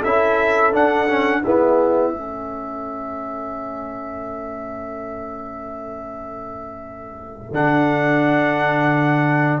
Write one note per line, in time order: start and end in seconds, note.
0.00 0.74 C#4
0.00 0.72 E4
0.00 1.40 A4
0.00 0.73 E5
0.72 1.07 D4
0.72 1.44 D4
0.72 1.43 F#5
1.07 1.42 C#4
1.43 2.12 B3
1.43 2.13 E4
1.43 2.12 G#4
1.43 7.53 E5
2.12 7.51 A3
2.12 7.53 C#4
2.12 9.60 A4
7.51 9.60 D3
7.51 9.60 D4
7.51 9.60 F#5